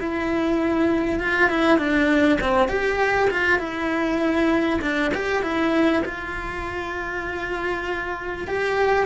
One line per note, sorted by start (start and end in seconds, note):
0.00 1.20 E4
1.20 1.50 F4
1.50 1.79 E4
1.79 2.39 D4
2.41 2.69 C4
2.69 3.30 G4
3.31 3.60 F4
3.60 4.81 E4
4.82 5.12 D4
5.15 5.43 G4
5.43 6.03 E4
6.06 8.48 F4
8.48 9.06 G4